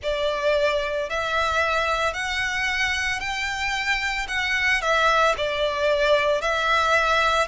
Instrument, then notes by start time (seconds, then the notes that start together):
violin
0.02 D5
1.09 E5
2.13 F#5
3.19 G5
4.28 F#5
4.81 E5
5.37 D5
6.40 E5